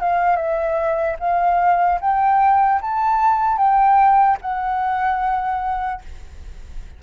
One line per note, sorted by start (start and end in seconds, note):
0.00 0.36 F5
0.36 1.16 E5
1.19 1.99 F5
2.01 2.81 G5
2.81 3.57 A5
3.57 4.37 G5
4.41 6.01 F#5